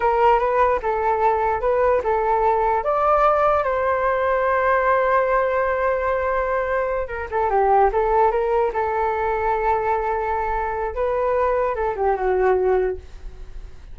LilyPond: \new Staff \with { instrumentName = "flute" } { \time 4/4 \tempo 4 = 148 ais'4 b'4 a'2 | b'4 a'2 d''4~ | d''4 c''2.~ | c''1~ |
c''4. ais'8 a'8 g'4 a'8~ | a'8 ais'4 a'2~ a'8~ | a'2. b'4~ | b'4 a'8 g'8 fis'2 | }